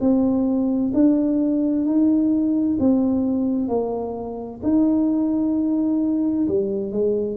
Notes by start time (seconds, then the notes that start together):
0.00 C4
0.94 D4
1.85 D#4
2.79 C4
3.68 A#3
4.63 D#4
6.48 G3
6.92 G#3